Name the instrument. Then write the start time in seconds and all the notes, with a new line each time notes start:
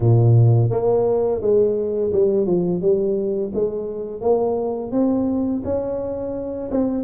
tuba
0.00 A#2
0.70 A#3
1.41 G#3
2.12 G3
2.46 F3
2.81 G3
3.54 G#3
4.21 A#3
4.91 C4
5.64 C#4
6.71 C4